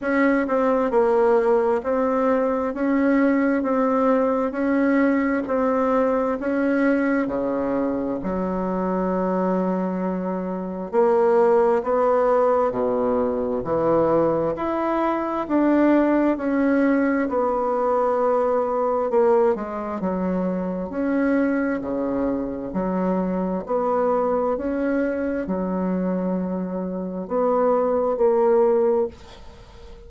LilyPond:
\new Staff \with { instrumentName = "bassoon" } { \time 4/4 \tempo 4 = 66 cis'8 c'8 ais4 c'4 cis'4 | c'4 cis'4 c'4 cis'4 | cis4 fis2. | ais4 b4 b,4 e4 |
e'4 d'4 cis'4 b4~ | b4 ais8 gis8 fis4 cis'4 | cis4 fis4 b4 cis'4 | fis2 b4 ais4 | }